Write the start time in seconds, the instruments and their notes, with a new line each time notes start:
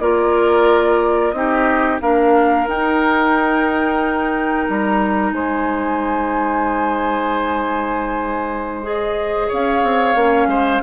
0.00 bassoon A#3, clarinet F4, oboe A#4, flute D5
1.32 bassoon C4, clarinet D#4, oboe G4, flute D#5
2.01 bassoon A#3, clarinet D4, oboe A#4, flute F5
2.67 bassoon D#4, clarinet D#4, flute G5
4.70 bassoon G3, flute A#5
5.32 bassoon G#3, oboe C5, flute G#5
8.83 clarinet G#4, flute D#5
9.48 bassoon C#4, oboe C#5, flute F5
9.83 bassoon C4
10.15 bassoon A#3, clarinet C#4
10.47 bassoon G#3, oboe C5